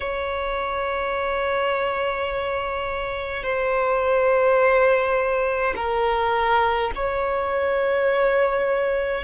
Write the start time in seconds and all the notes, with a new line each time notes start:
0.00 C#5
3.43 C5
5.75 A#4
6.95 C#5